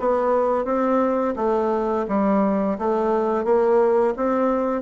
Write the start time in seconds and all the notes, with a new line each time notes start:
0.00 B3
0.65 C4
1.37 A3
2.08 G3
2.79 A3
3.45 A#3
4.17 C4